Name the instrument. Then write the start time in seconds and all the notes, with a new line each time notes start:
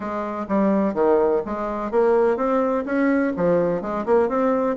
bassoon
0.00 G#3
0.48 G3
0.94 D#3
1.45 G#3
1.91 A#3
2.36 C4
2.85 C#4
3.36 F3
3.81 G#3
4.05 A#3
4.29 C4